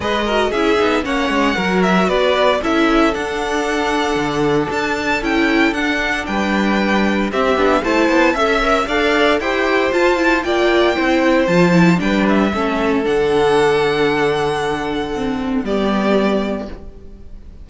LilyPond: <<
  \new Staff \with { instrumentName = "violin" } { \time 4/4 \tempo 4 = 115 dis''4 e''4 fis''4. e''8 | d''4 e''4 fis''2~ | fis''4 a''4 g''4 fis''4 | g''2 e''4 a''4 |
e''4 f''4 g''4 a''4 | g''2 a''4 g''8 e''8~ | e''4 fis''2.~ | fis''2 d''2 | }
  \new Staff \with { instrumentName = "violin" } { \time 4/4 b'8 ais'8 gis'4 cis''4 ais'4 | b'4 a'2.~ | a'1 | b'2 g'4 c''4 |
e''4 d''4 c''2 | d''4 c''2 b'4 | a'1~ | a'2 g'2 | }
  \new Staff \with { instrumentName = "viola" } { \time 4/4 gis'8 fis'8 e'8 dis'8 cis'4 fis'4~ | fis'4 e'4 d'2~ | d'2 e'4 d'4~ | d'2 c'8 d'8 e'4 |
a'8 ais'8 a'4 g'4 f'8 e'8 | f'4 e'4 f'8 e'8 d'4 | cis'4 d'2.~ | d'4 c'4 b2 | }
  \new Staff \with { instrumentName = "cello" } { \time 4/4 gis4 cis'8 b8 ais8 gis8 fis4 | b4 cis'4 d'2 | d4 d'4 cis'4 d'4 | g2 c'8 b8 a8 b8 |
cis'4 d'4 e'4 f'4 | ais4 c'4 f4 g4 | a4 d2.~ | d2 g2 | }
>>